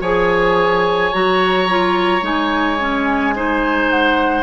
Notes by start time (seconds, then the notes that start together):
0.00 F3 G#4 C#5 G#5
1.12 F#3 F#4 A#5
1.69 F4
2.21 G#3 D#4 G#5
2.79 C#4
3.35 D#4 C5
3.90 F#5